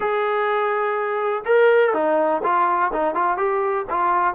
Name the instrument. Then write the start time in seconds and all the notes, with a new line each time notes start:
trombone
0.00 G#4
1.45 A#4
1.93 D#4
2.43 F4
2.92 D#4
3.14 F4
3.37 G4
3.90 F4